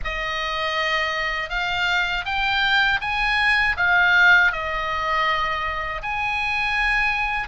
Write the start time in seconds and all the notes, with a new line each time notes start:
0.04 D#5
1.49 F5
2.25 G5
3.01 G#5
3.77 F5
4.52 D#5
6.02 G#5